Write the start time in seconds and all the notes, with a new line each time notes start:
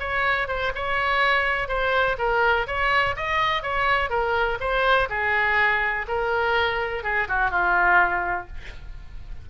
0.00 C#5
0.48 C5
0.75 C#5
1.68 C5
2.19 A#4
2.67 C#5
3.17 D#5
3.63 C#5
4.10 A#4
4.61 C5
5.10 G#4
6.08 A#4
7.04 G#4
7.28 F#4
7.51 F4